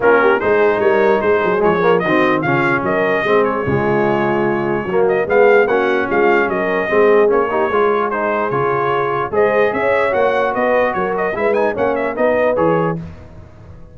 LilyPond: <<
  \new Staff \with { instrumentName = "trumpet" } { \time 4/4 \tempo 4 = 148 ais'4 c''4 cis''4 c''4 | cis''4 dis''4 f''4 dis''4~ | dis''8 cis''2.~ cis''8~ | cis''8 dis''8 f''4 fis''4 f''4 |
dis''2 cis''2 | c''4 cis''2 dis''4 | e''4 fis''4 dis''4 cis''8 dis''8 | e''8 gis''8 fis''8 e''8 dis''4 cis''4 | }
  \new Staff \with { instrumentName = "horn" } { \time 4/4 f'8 g'8 gis'4 ais'4 gis'4~ | gis'4 fis'4 f'4 ais'4 | gis'4 f'2. | fis'4 gis'4 fis'4 f'4 |
ais'4 gis'4. g'8 gis'4~ | gis'2. c''4 | cis''2 b'4 ais'4 | b'4 cis''4 b'2 | }
  \new Staff \with { instrumentName = "trombone" } { \time 4/4 cis'4 dis'2. | gis8 ais8 c'4 cis'2 | c'4 gis2. | ais4 b4 cis'2~ |
cis'4 c'4 cis'8 dis'8 f'4 | dis'4 f'2 gis'4~ | gis'4 fis'2. | e'8 dis'8 cis'4 dis'4 gis'4 | }
  \new Staff \with { instrumentName = "tuba" } { \time 4/4 ais4 gis4 g4 gis8 fis8 | f4 dis4 cis4 fis4 | gis4 cis2. | fis4 gis4 ais4 gis4 |
fis4 gis4 ais4 gis4~ | gis4 cis2 gis4 | cis'4 ais4 b4 fis4 | gis4 ais4 b4 e4 | }
>>